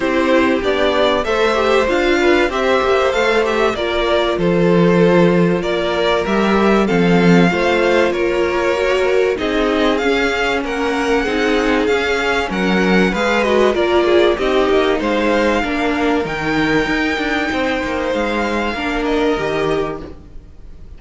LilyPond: <<
  \new Staff \with { instrumentName = "violin" } { \time 4/4 \tempo 4 = 96 c''4 d''4 e''4 f''4 | e''4 f''8 e''8 d''4 c''4~ | c''4 d''4 e''4 f''4~ | f''4 cis''2 dis''4 |
f''4 fis''2 f''4 | fis''4 f''8 dis''8 d''4 dis''4 | f''2 g''2~ | g''4 f''4. dis''4. | }
  \new Staff \with { instrumentName = "violin" } { \time 4/4 g'2 c''4. b'8 | c''2 ais'4 a'4~ | a'4 ais'2 a'4 | c''4 ais'2 gis'4~ |
gis'4 ais'4 gis'2 | ais'4 b'4 ais'8 gis'8 g'4 | c''4 ais'2. | c''2 ais'2 | }
  \new Staff \with { instrumentName = "viola" } { \time 4/4 e'4 d'4 a'8 g'8 f'4 | g'4 a'8 g'8 f'2~ | f'2 g'4 c'4 | f'2 fis'4 dis'4 |
cis'2 dis'4 cis'4~ | cis'4 gis'8 fis'8 f'4 dis'4~ | dis'4 d'4 dis'2~ | dis'2 d'4 g'4 | }
  \new Staff \with { instrumentName = "cello" } { \time 4/4 c'4 b4 a4 d'4 | c'8 ais8 a4 ais4 f4~ | f4 ais4 g4 f4 | a4 ais2 c'4 |
cis'4 ais4 c'4 cis'4 | fis4 gis4 ais4 c'8 ais8 | gis4 ais4 dis4 dis'8 d'8 | c'8 ais8 gis4 ais4 dis4 | }
>>